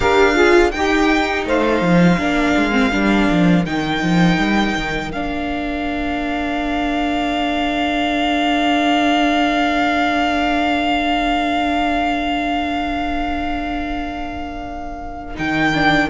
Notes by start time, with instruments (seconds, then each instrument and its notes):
0.00 cello D4, viola G4, saxophone A#4, violin F5
0.34 viola F4, saxophone G#4
0.71 viola D#4, cello D#4, saxophone G4, violin G5
1.45 cello A3, saxophone C5, violin F5
1.81 cello F3
2.18 cello A#3, viola D4, saxophone A#4
2.56 cello G#3
2.72 viola C4
2.91 cello G3, viola D4
3.30 cello F3
3.65 cello D#3, viola D#4, violin G5
4.02 cello F3
4.37 cello G3
4.76 cello D#3
5.11 cello A#3, viola D4, violin F5
15.35 cello D#3, viola D#4, violin G5
15.74 viola D4